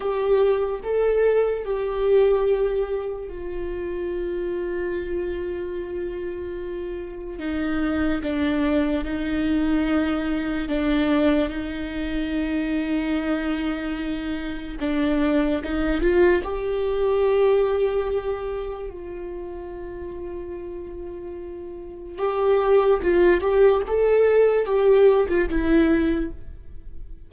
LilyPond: \new Staff \with { instrumentName = "viola" } { \time 4/4 \tempo 4 = 73 g'4 a'4 g'2 | f'1~ | f'4 dis'4 d'4 dis'4~ | dis'4 d'4 dis'2~ |
dis'2 d'4 dis'8 f'8 | g'2. f'4~ | f'2. g'4 | f'8 g'8 a'4 g'8. f'16 e'4 | }